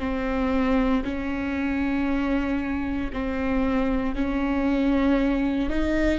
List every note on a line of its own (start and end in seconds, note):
0.00 1.03 C4
1.04 3.11 C#4
3.13 4.15 C4
4.15 5.70 C#4
5.70 6.19 D#4